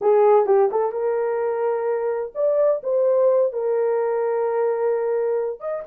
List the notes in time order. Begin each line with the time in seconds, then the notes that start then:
0.01 G#4
0.46 G4
0.71 A4
0.92 A#4
2.34 D5
2.83 C5
3.52 A#4
5.60 D#5